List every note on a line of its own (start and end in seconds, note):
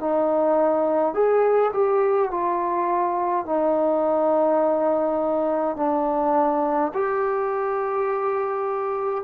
0.00 1.14 D#4
1.14 1.72 G#4
1.73 2.31 G4
2.31 3.46 F4
3.46 5.76 D#4
5.76 6.92 D4
6.94 9.24 G4